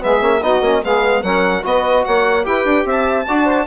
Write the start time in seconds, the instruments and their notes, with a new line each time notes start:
0.00 bassoon G#3, trombone B3, saxophone G#4, violin E5
0.20 bassoon A#3, trombone C#4
0.42 bassoon B3, trombone D#4, saxophone F#4, violin D#5
0.60 bassoon A#3, trombone C#4
0.83 bassoon G#3, trombone B3, saxophone G#4, violin F5
1.23 bassoon F#3, trombone C#4, saxophone A#4, violin F#5
1.62 bassoon B3, trombone F#4, saxophone B4, violin D#5
2.04 bassoon A#3, saxophone C#5, violin F#5
2.43 bassoon E4, trombone G4, saxophone B4, violin G5
2.64 bassoon D4
2.84 bassoon C4, saxophone E5
2.91 violin A5
3.26 bassoon D4, trombone F#4, saxophone D5
3.44 saxophone C5